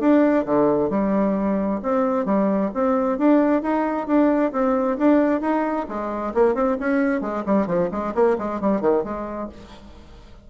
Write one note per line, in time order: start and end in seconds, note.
0.00 0.45 D4
0.45 0.90 D3
0.90 1.80 G3
1.83 2.26 C4
2.26 2.71 G3
2.74 3.18 C4
3.18 3.62 D4
3.62 4.07 D#4
4.07 4.52 D4
4.52 4.97 C4
4.98 5.41 D4
5.41 5.86 D#4
5.89 6.34 G#3
6.34 6.55 A#3
6.55 6.77 C4
6.80 7.21 C#4
7.21 7.44 G#3
7.46 7.67 G3
7.67 7.89 F3
7.91 8.14 G#3
8.14 8.37 A#3
8.38 8.60 G#3
8.60 8.81 G3
8.81 9.04 D#3
9.04 9.49 G#3